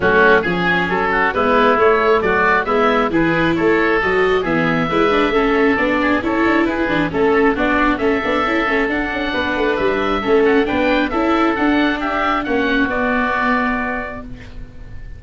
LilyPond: <<
  \new Staff \with { instrumentName = "oboe" } { \time 4/4 \tempo 4 = 135 fis'4 gis'4 a'4 b'4 | cis''4 d''4 e''4 b'4 | cis''4 dis''4 e''2~ | e''4 d''4 cis''4 b'4 |
a'4 d''4 e''2 | fis''2 e''4. fis''8 | g''4 e''4 fis''4 e''4 | fis''4 d''2. | }
  \new Staff \with { instrumentName = "oboe" } { \time 4/4 cis'4 gis'4. fis'8 e'4~ | e'4 fis'4 e'4 gis'4 | a'2 gis'4 b'4 | a'4. gis'8 a'4 gis'4 |
a'4 fis'4 a'2~ | a'4 b'2 a'4 | b'4 a'2 g'4 | fis'1 | }
  \new Staff \with { instrumentName = "viola" } { \time 4/4 a4 cis'2 b4 | a2 b4 e'4~ | e'4 fis'4 b4 e'8 d'8 | cis'4 d'4 e'4. d'8 |
cis'4 d'4 cis'8 d'8 e'8 cis'8 | d'2. cis'4 | d'4 e'4 d'2 | cis'4 b2. | }
  \new Staff \with { instrumentName = "tuba" } { \time 4/4 fis4 f4 fis4 gis4 | a4 fis4 gis4 e4 | a4 fis4 e4 gis4 | a4 b4 cis'8 d'8 e'8 e8 |
a4 b4 a8 b8 cis'8 a8 | d'8 cis'8 b8 a8 g4 a4 | b4 cis'4 d'2 | ais4 b2. | }
>>